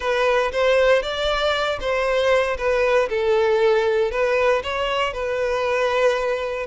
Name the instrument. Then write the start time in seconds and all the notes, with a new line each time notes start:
violin
0.00 B4
0.52 C5
1.02 D5
1.80 C5
2.57 B4
3.09 A4
4.11 B4
4.63 C#5
5.13 B4